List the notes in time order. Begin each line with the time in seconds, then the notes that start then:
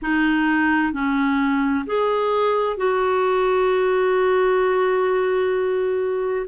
0.02 D#4
0.92 C#4
1.86 G#4
2.77 F#4